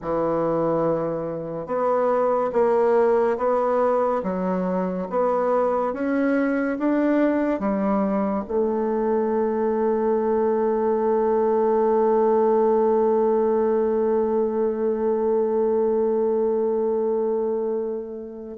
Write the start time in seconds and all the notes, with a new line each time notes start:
0.01 E3
1.66 B3
2.52 A#3
3.37 B3
4.23 F#3
5.10 B3
5.93 C#4
6.78 D4
7.59 G3
8.47 A3